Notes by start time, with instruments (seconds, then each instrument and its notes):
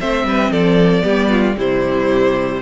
0.00 cello A3, viola C4, violin C5 E5
0.24 cello G3, violin B4
0.51 cello F3, violin A4 D5
1.01 cello G3, viola B3, violin G4
1.30 violin F4
1.57 cello C3, viola G3, violin E4 C5